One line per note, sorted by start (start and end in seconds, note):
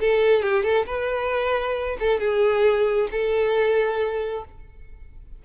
0.00 0.42 A4
0.42 0.63 G4
0.63 0.86 A4
0.86 1.97 B4
1.99 2.19 A4
2.19 3.08 G#4
3.11 4.44 A4